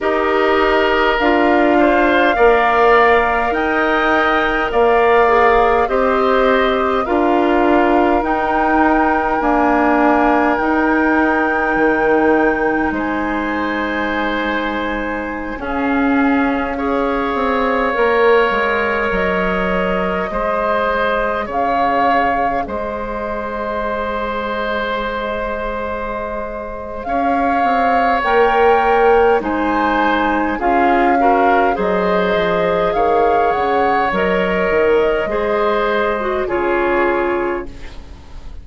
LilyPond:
<<
  \new Staff \with { instrumentName = "flute" } { \time 4/4 \tempo 4 = 51 dis''4 f''2 g''4 | f''4 dis''4 f''4 g''4 | gis''4 g''2 gis''4~ | gis''4~ gis''16 f''2~ f''8.~ |
f''16 dis''2 f''4 dis''8.~ | dis''2. f''4 | g''4 gis''4 f''4 dis''4 | f''8 fis''8 dis''2 cis''4 | }
  \new Staff \with { instrumentName = "oboe" } { \time 4/4 ais'4. c''8 d''4 dis''4 | d''4 c''4 ais'2~ | ais'2. c''4~ | c''4~ c''16 gis'4 cis''4.~ cis''16~ |
cis''4~ cis''16 c''4 cis''4 c''8.~ | c''2. cis''4~ | cis''4 c''4 gis'8 ais'8 c''4 | cis''2 c''4 gis'4 | }
  \new Staff \with { instrumentName = "clarinet" } { \time 4/4 g'4 f'4 ais'2~ | ais'8 gis'8 g'4 f'4 dis'4 | ais4 dis'2.~ | dis'4~ dis'16 cis'4 gis'4 ais'8.~ |
ais'4~ ais'16 gis'2~ gis'8.~ | gis'1 | ais'4 dis'4 f'8 fis'8 gis'4~ | gis'4 ais'4 gis'8. fis'16 f'4 | }
  \new Staff \with { instrumentName = "bassoon" } { \time 4/4 dis'4 d'4 ais4 dis'4 | ais4 c'4 d'4 dis'4 | d'4 dis'4 dis4 gis4~ | gis4~ gis16 cis'4. c'8 ais8 gis16~ |
gis16 fis4 gis4 cis4 gis8.~ | gis2. cis'8 c'8 | ais4 gis4 cis'4 fis8 f8 | dis8 cis8 fis8 dis8 gis4 cis4 | }
>>